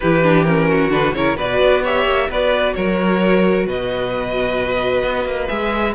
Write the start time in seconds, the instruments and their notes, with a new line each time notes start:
0.00 cello E3, viola E4, violin G4 B4
0.22 viola D4
0.44 viola C#4, violin A#4
0.68 violin F#4
0.89 cello D3, viola D4, violin B4
1.12 cello C#3, viola E4, violin A#4 C#5
1.36 cello B2, viola F#4, violin B4 D5
1.60 cello B3
1.82 viola G4, violin C#5 E5
2.05 cello A#3
2.28 cello B3, viola F#4, violin B4 D5
2.74 cello F#3, violin A#4 C#5
3.66 cello B2, violin B4 D#5
5.03 cello B3
5.25 cello A#3
5.48 cello G#3, viola G#4, violin E5